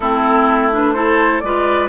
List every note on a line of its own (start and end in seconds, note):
0.00 1.42 A3
0.00 0.72 C4
0.00 0.94 E4
0.00 0.70 A4
0.72 0.94 D4
0.72 0.92 B4
0.92 1.42 E4
0.92 1.42 A4
0.92 1.40 C5
1.40 1.88 G#3
1.40 1.88 F4
1.40 1.88 B4
1.40 1.87 D5